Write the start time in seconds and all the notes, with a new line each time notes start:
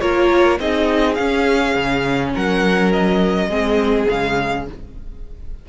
0.00 A#3 F4 A#4 C#5
0.59 C4 D#4 G#4 D#5
1.14 C#4 F5
1.75 C#3
2.34 F#3 A#4 F#5
2.92 D#5
3.47 G#3 C4 G#4
4.08 C#3 G#3 F5